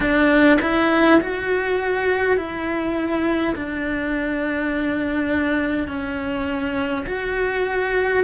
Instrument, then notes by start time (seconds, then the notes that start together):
cello
0.00 D4
0.61 E4
1.21 F#4
2.36 E4
3.55 D4
5.87 C#4
7.06 F#4